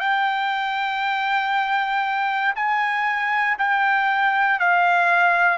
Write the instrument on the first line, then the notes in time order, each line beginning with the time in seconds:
trumpet
0.00 G5
2.56 G#5
3.58 G5
4.59 F5